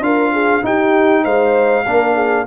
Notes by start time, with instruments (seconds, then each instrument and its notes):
0.00 tuba D4, trombone F4, horn A#4, trumpet F5
0.32 horn G#4
0.62 trombone D#4, tuba D#4, horn G4, trumpet G5
1.23 tuba G#3, horn C5, trumpet F5
1.85 tuba A#3, trombone D4, horn A#4
2.14 horn G#4